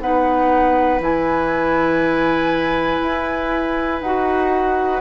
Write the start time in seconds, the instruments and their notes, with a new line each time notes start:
0.00 bassoon B3, clarinet D#4, oboe B4, flute F#5
1.00 bassoon E3, clarinet E4, flute G#5
3.02 bassoon E4
4.01 bassoon D#4, clarinet F#4, flute F#5